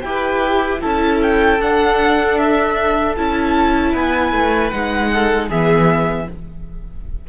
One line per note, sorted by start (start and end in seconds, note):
0.00 0.81 E4
0.00 0.81 G4
0.00 0.78 G5
0.08 0.81 B4
0.81 1.59 C#4
0.81 1.59 E4
0.81 3.92 A4
0.81 1.21 A5
1.22 1.61 G5
1.59 3.15 D4
1.59 3.16 D4
1.59 2.38 F#5
2.38 3.16 E5
3.16 3.94 C#4
3.16 4.72 E4
3.16 3.94 A5
3.92 4.32 B3
3.92 5.09 B4
3.92 4.70 G#5
4.32 4.71 A3
4.70 5.49 G#3
4.70 5.50 D#4
4.70 5.48 F#5
5.12 5.48 A4
5.48 6.27 E3
5.48 6.28 B3
5.48 6.26 G#4
5.48 6.28 E5